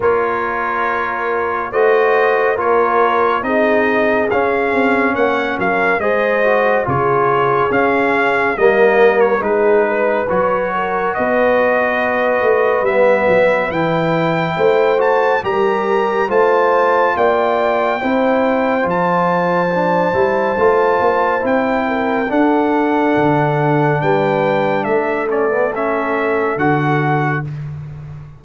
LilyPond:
<<
  \new Staff \with { instrumentName = "trumpet" } { \time 4/4 \tempo 4 = 70 cis''2 dis''4 cis''4 | dis''4 f''4 fis''8 f''8 dis''4 | cis''4 f''4 dis''8. cis''16 b'4 | cis''4 dis''2 e''4 |
g''4. a''8 ais''4 a''4 | g''2 a''2~ | a''4 g''4 fis''2 | g''4 e''8 d''8 e''4 fis''4 | }
  \new Staff \with { instrumentName = "horn" } { \time 4/4 ais'2 c''4 ais'4 | gis'2 cis''8 ais'8 c''4 | gis'2 ais'4 gis'8 b'8~ | b'8 ais'8 b'2.~ |
b'4 c''4 ais'4 c''4 | d''4 c''2.~ | c''4. ais'8 a'2 | b'4 a'2. | }
  \new Staff \with { instrumentName = "trombone" } { \time 4/4 f'2 fis'4 f'4 | dis'4 cis'2 gis'8 fis'8 | f'4 cis'4 ais4 dis'4 | fis'2. b4 |
e'4. fis'8 g'4 f'4~ | f'4 e'4 f'4 d'8 e'8 | f'4 e'4 d'2~ | d'4. cis'16 b16 cis'4 fis'4 | }
  \new Staff \with { instrumentName = "tuba" } { \time 4/4 ais2 a4 ais4 | c'4 cis'8 c'8 ais8 fis8 gis4 | cis4 cis'4 g4 gis4 | fis4 b4. a8 g8 fis8 |
e4 a4 g4 a4 | ais4 c'4 f4. g8 | a8 ais8 c'4 d'4 d4 | g4 a2 d4 | }
>>